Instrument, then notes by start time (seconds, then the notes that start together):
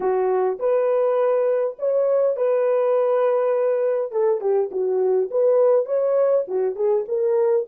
horn
0.00 F#4
0.59 B4
1.79 C#5
2.36 B4
4.11 A4
4.40 G4
4.71 F#4
5.30 B4
5.85 C#5
6.47 F#4
6.75 G#4
7.08 A#4